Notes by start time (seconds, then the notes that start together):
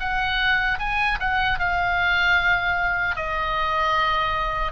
0.00 F#5
0.79 G#5
1.20 F#5
1.59 F5
3.16 D#5